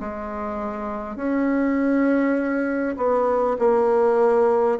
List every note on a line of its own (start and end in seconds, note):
0.00 1.16 G#3
1.16 2.96 C#4
2.97 3.57 B3
3.59 4.79 A#3